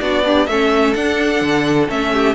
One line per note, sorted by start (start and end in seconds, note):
0.00 0.47 B3
0.00 0.24 D4
0.00 0.24 F#4
0.00 0.46 D5
0.24 0.48 D4
0.24 0.49 G4
0.46 0.94 A3
0.46 0.95 C#4
0.46 2.13 A4
0.46 0.94 E5
0.94 1.88 D4
0.94 1.41 D4
0.94 1.88 F#5
1.41 1.88 D3
1.88 2.34 A3
1.88 2.34 C#4
1.88 2.34 E5
2.13 2.34 G4